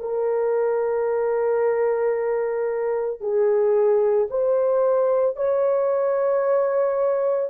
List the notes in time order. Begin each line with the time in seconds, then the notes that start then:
0.00 A#4
3.21 G#4
4.31 C5
5.37 C#5